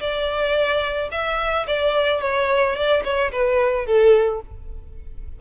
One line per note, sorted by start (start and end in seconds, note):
0.00 1.09 D5
1.12 1.66 E5
1.67 2.21 D5
2.21 2.76 C#5
2.76 3.03 D5
3.04 3.31 C#5
3.32 3.86 B4
3.86 4.41 A4